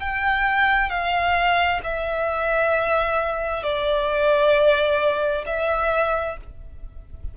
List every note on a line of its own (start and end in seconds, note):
0.00 0.90 G5
0.90 1.81 F5
1.83 3.63 E5
3.63 5.45 D5
5.46 6.37 E5